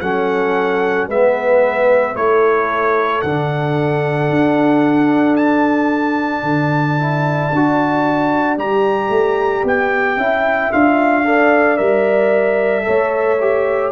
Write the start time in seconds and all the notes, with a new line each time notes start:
0.00 F#3 C#4 A4 F#5
1.07 G#3 B3 B4 E5
2.15 A3 E4 A4 C#5
3.21 D3 D4 F#5
4.29 D4
5.36 A5
6.42 D3 D5
6.99 E4
7.52 D4 F#4
8.57 G3 G4 A#5
9.09 A3
9.64 B3 G5
10.17 C#4 E4 E5
10.72 D4 F4 F5
11.25 A4 D5
11.77 G3 A#4 E5
12.83 A3 A4 C#5
13.40 G4